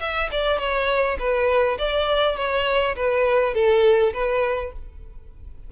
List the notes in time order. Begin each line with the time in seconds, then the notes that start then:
0.00 E5
0.31 D5
0.58 C#5
1.19 B4
1.78 D5
2.36 C#5
2.95 B4
3.54 A4
4.13 B4